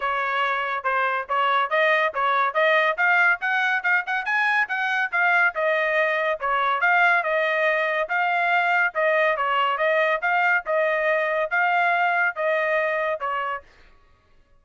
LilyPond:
\new Staff \with { instrumentName = "trumpet" } { \time 4/4 \tempo 4 = 141 cis''2 c''4 cis''4 | dis''4 cis''4 dis''4 f''4 | fis''4 f''8 fis''8 gis''4 fis''4 | f''4 dis''2 cis''4 |
f''4 dis''2 f''4~ | f''4 dis''4 cis''4 dis''4 | f''4 dis''2 f''4~ | f''4 dis''2 cis''4 | }